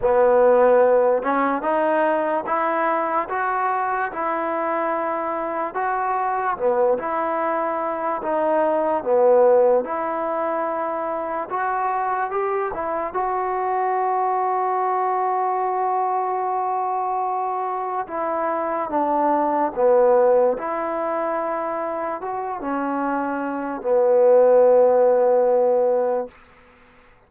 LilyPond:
\new Staff \with { instrumentName = "trombone" } { \time 4/4 \tempo 4 = 73 b4. cis'8 dis'4 e'4 | fis'4 e'2 fis'4 | b8 e'4. dis'4 b4 | e'2 fis'4 g'8 e'8 |
fis'1~ | fis'2 e'4 d'4 | b4 e'2 fis'8 cis'8~ | cis'4 b2. | }